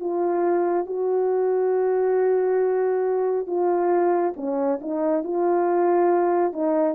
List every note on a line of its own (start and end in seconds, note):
0.00 0.86 F4
0.86 3.47 F#4
3.47 4.34 F4
4.36 4.79 C#4
4.81 5.23 D#4
5.23 6.53 F4
6.53 6.95 D#4